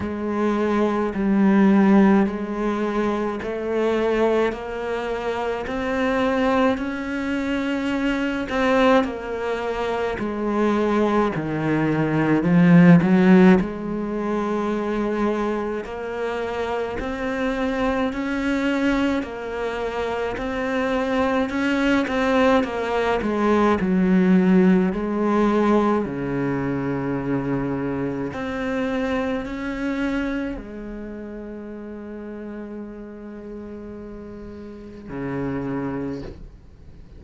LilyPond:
\new Staff \with { instrumentName = "cello" } { \time 4/4 \tempo 4 = 53 gis4 g4 gis4 a4 | ais4 c'4 cis'4. c'8 | ais4 gis4 dis4 f8 fis8 | gis2 ais4 c'4 |
cis'4 ais4 c'4 cis'8 c'8 | ais8 gis8 fis4 gis4 cis4~ | cis4 c'4 cis'4 gis4~ | gis2. cis4 | }